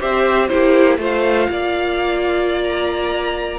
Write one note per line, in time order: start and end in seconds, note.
0.00 0.51 C4
0.00 0.50 G4
0.00 0.50 C5
0.00 0.48 E5
0.48 0.98 A#3
0.48 0.99 E4
0.48 1.00 G4
0.48 0.97 C5
0.98 1.48 A3
0.98 3.59 F4
0.98 1.50 C5
0.98 2.64 F5
1.50 3.59 A#3
1.50 3.59 D5
2.64 3.59 A#5